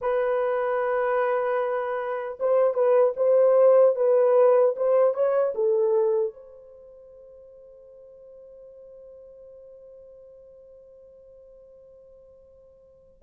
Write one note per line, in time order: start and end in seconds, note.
0.01 2.38 B4
2.39 2.73 C5
2.73 3.13 B4
3.16 3.95 C5
3.95 4.74 B4
4.76 5.14 C5
5.14 5.53 C#5
5.54 6.33 A4
6.33 13.22 C5